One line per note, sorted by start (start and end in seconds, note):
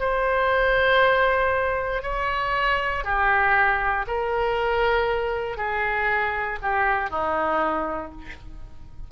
0.00 2.03 C5
2.03 3.05 C#5
3.05 4.06 G4
4.08 5.57 A#4
5.57 6.59 G#4
6.62 7.10 G4
7.10 8.12 D#4